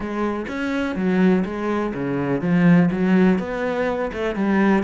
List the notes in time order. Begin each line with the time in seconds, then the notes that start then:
0.00 G#3
0.48 C#4
0.95 F#3
1.44 G#3
1.94 C#3
2.41 F3
2.91 F#3
3.38 B3
4.13 A3
4.35 G3